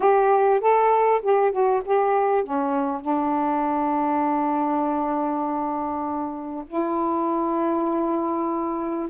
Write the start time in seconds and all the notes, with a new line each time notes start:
0.00 G4
0.60 A4
1.22 G4
1.51 F#4
1.84 G4
2.43 C#4
3.01 D4
6.66 E4